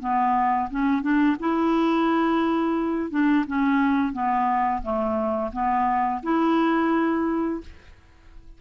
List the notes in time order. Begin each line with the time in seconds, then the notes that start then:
0.00 B3
0.70 C#4
1.02 D4
1.40 E4
3.11 D4
3.47 C#4
4.13 B3
4.82 A3
5.52 B3
6.23 E4